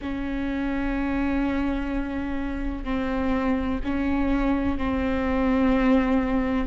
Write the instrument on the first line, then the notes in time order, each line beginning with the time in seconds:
viola
0.01 C#4
2.84 C4
3.84 C#4
4.78 C4